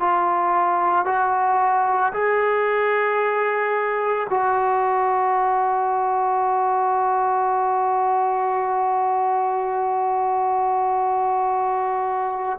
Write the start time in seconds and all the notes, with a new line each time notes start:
0.00 F4
1.06 F#4
2.13 G#4
4.30 F#4